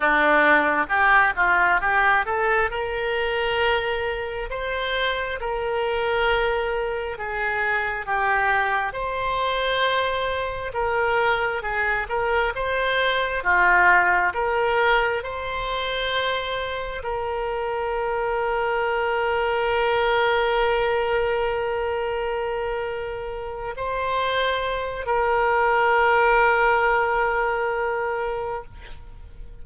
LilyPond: \new Staff \with { instrumentName = "oboe" } { \time 4/4 \tempo 4 = 67 d'4 g'8 f'8 g'8 a'8 ais'4~ | ais'4 c''4 ais'2 | gis'4 g'4 c''2 | ais'4 gis'8 ais'8 c''4 f'4 |
ais'4 c''2 ais'4~ | ais'1~ | ais'2~ ais'8 c''4. | ais'1 | }